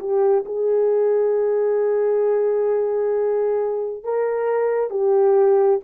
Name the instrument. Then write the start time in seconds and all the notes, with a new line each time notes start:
horn
0.00 G4
0.46 G#4
4.04 A#4
4.91 G4